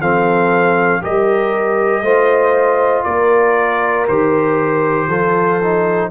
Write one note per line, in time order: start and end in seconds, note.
0.00 1.02 F3
0.00 1.01 C4
0.00 1.02 A4
0.00 1.03 F5
1.01 2.01 G3
1.01 2.03 G4
1.01 2.03 A#4
1.01 3.03 D#5
2.01 3.03 A3
2.01 4.07 F4
2.01 3.05 C5
3.03 4.07 A#3
3.03 5.08 A#4
3.03 4.05 D5
4.07 5.07 D#3
4.07 5.10 G4
4.07 6.11 C5
5.07 6.08 F3
5.07 5.61 F4
5.07 6.10 A4
5.62 6.11 D#4